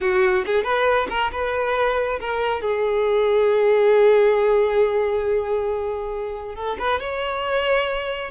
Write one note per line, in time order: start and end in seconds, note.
0.00 0.44 F#4
0.46 0.63 G#4
0.63 1.07 B4
1.09 1.31 A#4
1.32 2.19 B4
2.20 2.61 A#4
2.61 6.55 G#4
6.55 6.77 A4
6.78 7.00 B4
7.00 8.31 C#5